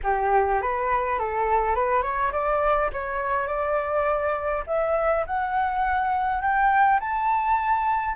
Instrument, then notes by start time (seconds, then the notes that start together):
flute
0.03 G4
0.61 B4
1.18 A4
1.75 B4
2.02 C#5
2.32 D5
2.92 C#5
3.47 D5
4.67 E5
5.26 F#5
6.41 G5
7.00 A5